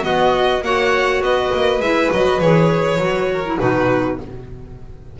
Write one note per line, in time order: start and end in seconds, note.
0.00 0.59 B3
0.00 0.62 B3
0.00 0.64 F#4
0.00 0.63 D#5
0.62 1.21 A#3
0.62 1.82 F#4
0.62 1.24 C#5
0.62 1.23 F#5
1.22 1.51 B3
1.22 3.32 B4
1.22 1.81 D#5
1.54 1.80 A#3
1.80 2.09 G#3
1.80 2.12 E4
1.80 2.11 E5
2.12 2.41 F#3
2.12 2.42 F#4
2.12 2.40 D#5
2.40 2.99 E3
2.40 2.99 G#4
2.40 3.59 C#5
2.99 3.58 F#3
2.99 3.44 F#4
3.32 3.61 A#4
3.46 3.59 E4
3.59 4.20 B2
3.59 4.18 D#4
3.59 4.20 F#4
3.59 4.19 B4